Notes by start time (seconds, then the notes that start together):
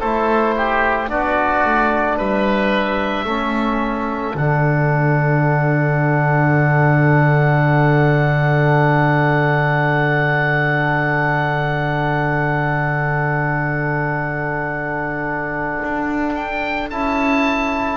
0.00 A3 E4 A4 C5
0.56 G4
1.08 B3 D4 F#4 D5
1.65 A3
2.17 G3 B4 E5
3.24 A3 C#4 A4
4.35 D3 D4 F#5
15.83 D4
16.35 G5
16.90 C#4 E4 A5